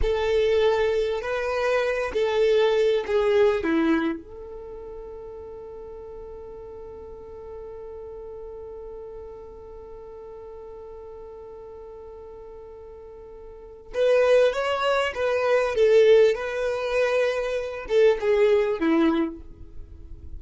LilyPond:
\new Staff \with { instrumentName = "violin" } { \time 4/4 \tempo 4 = 99 a'2 b'4. a'8~ | a'4 gis'4 e'4 a'4~ | a'1~ | a'1~ |
a'1~ | a'2. b'4 | cis''4 b'4 a'4 b'4~ | b'4. a'8 gis'4 e'4 | }